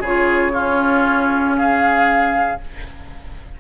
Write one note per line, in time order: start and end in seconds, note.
0.00 2.59 C#3
0.00 0.53 F4
0.00 0.52 G#4
0.00 1.56 C#5
0.53 2.60 C#4
0.53 1.57 F4
1.56 2.60 G#4
1.56 2.60 F5